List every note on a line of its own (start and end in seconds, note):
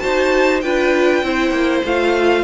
0.00 0.63 D#4
0.00 0.61 F#4
0.00 0.63 C5
0.00 0.61 A5
0.61 1.23 D4
0.61 1.24 F4
0.61 1.24 B4
0.61 1.82 G5
1.23 1.51 C4
1.23 1.85 E4
1.23 2.44 C5
1.51 1.82 A#3
1.85 2.44 A3
1.85 2.44 F4
1.85 2.44 F5